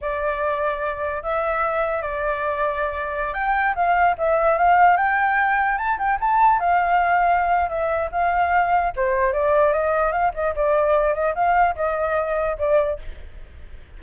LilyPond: \new Staff \with { instrumentName = "flute" } { \time 4/4 \tempo 4 = 148 d''2. e''4~ | e''4 d''2.~ | d''16 g''4 f''4 e''4 f''8.~ | f''16 g''2 a''8 g''8 a''8.~ |
a''16 f''2~ f''8. e''4 | f''2 c''4 d''4 | dis''4 f''8 dis''8 d''4. dis''8 | f''4 dis''2 d''4 | }